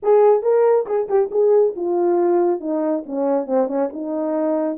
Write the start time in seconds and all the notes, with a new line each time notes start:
0.02 G#4
0.42 A#4
0.86 G#4
1.08 G4
1.31 G#4
1.75 F4
2.60 D#4
3.06 C#4
3.46 C4
3.67 C#4
3.92 D#4